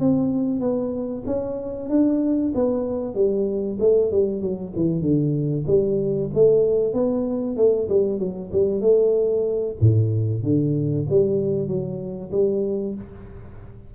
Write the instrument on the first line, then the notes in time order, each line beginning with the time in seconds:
tuba
0.00 C4
0.61 B3
1.27 C#4
1.90 D4
2.55 B3
3.15 G3
3.80 A3
4.12 G3
4.42 F#3
4.76 E3
5.02 D3
5.67 G3
6.34 A3
6.94 B3
7.57 A3
7.89 G3
8.19 F#3
8.53 G3
8.81 A3
9.81 A2
10.43 D3
11.10 G3
11.68 F#3
12.32 G3